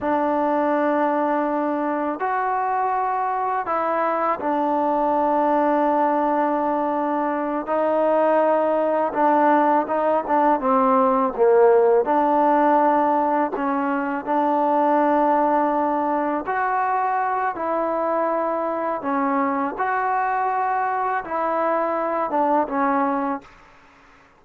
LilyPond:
\new Staff \with { instrumentName = "trombone" } { \time 4/4 \tempo 4 = 82 d'2. fis'4~ | fis'4 e'4 d'2~ | d'2~ d'8 dis'4.~ | dis'8 d'4 dis'8 d'8 c'4 ais8~ |
ais8 d'2 cis'4 d'8~ | d'2~ d'8 fis'4. | e'2 cis'4 fis'4~ | fis'4 e'4. d'8 cis'4 | }